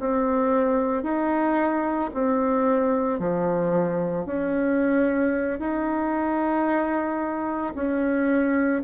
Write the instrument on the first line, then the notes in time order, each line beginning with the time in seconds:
bassoon
0.00 C4
1.04 D#4
2.14 C4
3.20 F3
4.26 C#4
5.60 D#4
7.75 C#4